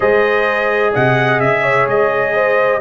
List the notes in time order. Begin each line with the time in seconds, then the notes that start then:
0.00 G#3 G#4 C5 D#5
0.92 C3 D#5 F#5
1.40 C#3 E5
1.62 C#5
1.87 G#3 D#5
2.34 C5